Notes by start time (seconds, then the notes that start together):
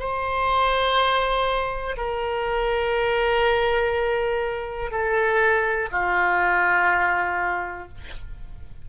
0.00 C5
1.97 A#4
4.91 A4
5.92 F4